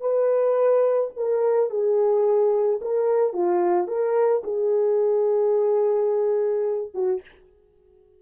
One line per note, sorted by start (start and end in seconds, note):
0.00 1.10 B4
1.16 1.70 A#4
1.70 2.80 G#4
2.81 3.33 A#4
3.33 3.87 F4
3.87 4.42 A#4
4.43 6.91 G#4
6.94 7.21 F#4